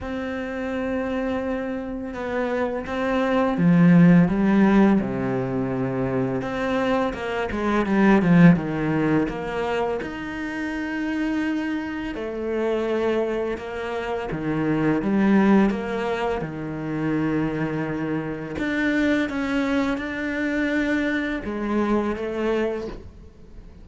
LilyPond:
\new Staff \with { instrumentName = "cello" } { \time 4/4 \tempo 4 = 84 c'2. b4 | c'4 f4 g4 c4~ | c4 c'4 ais8 gis8 g8 f8 | dis4 ais4 dis'2~ |
dis'4 a2 ais4 | dis4 g4 ais4 dis4~ | dis2 d'4 cis'4 | d'2 gis4 a4 | }